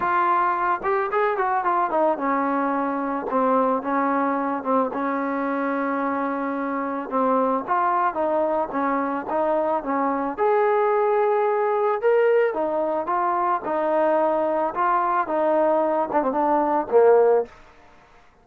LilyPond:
\new Staff \with { instrumentName = "trombone" } { \time 4/4 \tempo 4 = 110 f'4. g'8 gis'8 fis'8 f'8 dis'8 | cis'2 c'4 cis'4~ | cis'8 c'8 cis'2.~ | cis'4 c'4 f'4 dis'4 |
cis'4 dis'4 cis'4 gis'4~ | gis'2 ais'4 dis'4 | f'4 dis'2 f'4 | dis'4. d'16 c'16 d'4 ais4 | }